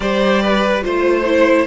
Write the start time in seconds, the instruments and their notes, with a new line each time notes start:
0.00 cello G3, viola G4, violin C5 D5
0.41 violin B4
0.82 cello A3, viola F4, violin C5
1.25 viola E4